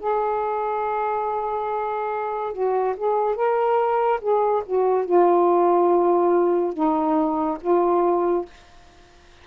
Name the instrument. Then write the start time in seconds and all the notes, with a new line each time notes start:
saxophone
0.00 G#4
2.53 F#4
2.97 G#4
3.36 A#4
4.21 G#4
4.66 F#4
5.06 F4
6.74 D#4
7.61 F4